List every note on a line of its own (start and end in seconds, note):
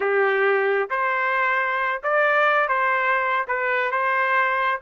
0.00 0.89 G4
0.90 2.01 C5
2.03 2.68 D5
2.68 3.46 C5
3.47 3.91 B4
3.91 4.80 C5